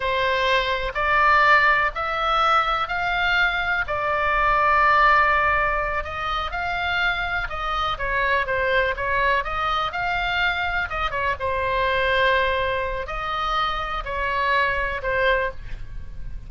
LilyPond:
\new Staff \with { instrumentName = "oboe" } { \time 4/4 \tempo 4 = 124 c''2 d''2 | e''2 f''2 | d''1~ | d''8 dis''4 f''2 dis''8~ |
dis''8 cis''4 c''4 cis''4 dis''8~ | dis''8 f''2 dis''8 cis''8 c''8~ | c''2. dis''4~ | dis''4 cis''2 c''4 | }